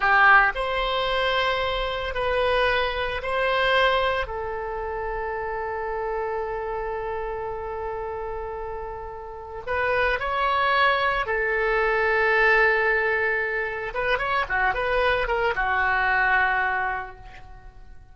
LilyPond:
\new Staff \with { instrumentName = "oboe" } { \time 4/4 \tempo 4 = 112 g'4 c''2. | b'2 c''2 | a'1~ | a'1~ |
a'2 b'4 cis''4~ | cis''4 a'2.~ | a'2 b'8 cis''8 fis'8 b'8~ | b'8 ais'8 fis'2. | }